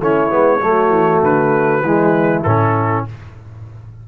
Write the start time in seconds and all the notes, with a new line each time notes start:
0.00 A3 C#4 E4 C#5
0.30 G#3 B3
0.61 F#3 A3 F#4
0.90 E3
1.23 D3 B4
1.82 E3 G#3 E4
2.43 A2 C#4 A4